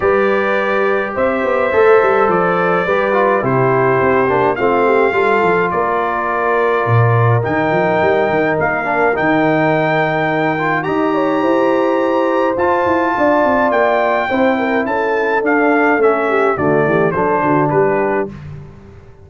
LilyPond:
<<
  \new Staff \with { instrumentName = "trumpet" } { \time 4/4 \tempo 4 = 105 d''2 e''2 | d''2 c''2 | f''2 d''2~ | d''4 g''2 f''4 |
g''2. ais''4~ | ais''2 a''2 | g''2 a''4 f''4 | e''4 d''4 c''4 b'4 | }
  \new Staff \with { instrumentName = "horn" } { \time 4/4 b'2 c''2~ | c''4 b'4 g'2 | f'8 g'8 a'4 ais'2~ | ais'1~ |
ais'2. dis''8 cis''8 | c''2. d''4~ | d''4 c''8 ais'8 a'2~ | a'8 g'8 fis'8 g'8 a'8 fis'8 g'4 | }
  \new Staff \with { instrumentName = "trombone" } { \time 4/4 g'2. a'4~ | a'4 g'8 f'8 e'4. d'8 | c'4 f'2.~ | f'4 dis'2~ dis'8 d'8 |
dis'2~ dis'8 f'8 g'4~ | g'2 f'2~ | f'4 e'2 d'4 | cis'4 a4 d'2 | }
  \new Staff \with { instrumentName = "tuba" } { \time 4/4 g2 c'8 b8 a8 g8 | f4 g4 c4 c'8 ais8 | a4 g8 f8 ais2 | ais,4 dis8 f8 g8 dis8 ais4 |
dis2. dis'4 | e'2 f'8 e'8 d'8 c'8 | ais4 c'4 cis'4 d'4 | a4 d8 e8 fis8 d8 g4 | }
>>